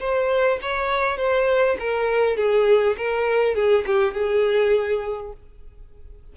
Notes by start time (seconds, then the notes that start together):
0.00 C5
0.62 C#5
1.18 C5
1.80 A#4
2.37 G#4
2.98 A#4
3.55 G#4
3.86 G4
4.14 G#4